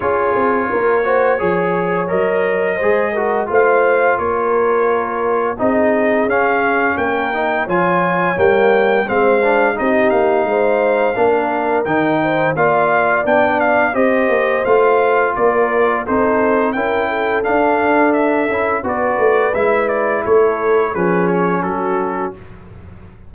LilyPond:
<<
  \new Staff \with { instrumentName = "trumpet" } { \time 4/4 \tempo 4 = 86 cis''2. dis''4~ | dis''4 f''4 cis''2 | dis''4 f''4 g''4 gis''4 | g''4 f''4 dis''8 f''4.~ |
f''4 g''4 f''4 g''8 f''8 | dis''4 f''4 d''4 c''4 | g''4 f''4 e''4 d''4 | e''8 d''8 cis''4 b'8 cis''8 a'4 | }
  \new Staff \with { instrumentName = "horn" } { \time 4/4 gis'4 ais'8 c''8 cis''2 | c''8 ais'8 c''4 ais'2 | gis'2 ais'4 cis''4~ | cis''4 c''4 g'4 c''4 |
ais'4. c''8 d''2 | c''2 ais'4 a'4 | ais'8 a'2~ a'8 b'4~ | b'4 a'4 gis'4 fis'4 | }
  \new Staff \with { instrumentName = "trombone" } { \time 4/4 f'4. fis'8 gis'4 ais'4 | gis'8 fis'8 f'2. | dis'4 cis'4. dis'8 f'4 | ais4 c'8 d'8 dis'2 |
d'4 dis'4 f'4 d'4 | g'4 f'2 dis'4 | e'4 d'4. e'8 fis'4 | e'2 cis'2 | }
  \new Staff \with { instrumentName = "tuba" } { \time 4/4 cis'8 c'8 ais4 f4 fis4 | gis4 a4 ais2 | c'4 cis'4 ais4 f4 | g4 gis4 c'8 ais8 gis4 |
ais4 dis4 ais4 b4 | c'8 ais8 a4 ais4 c'4 | cis'4 d'4. cis'8 b8 a8 | gis4 a4 f4 fis4 | }
>>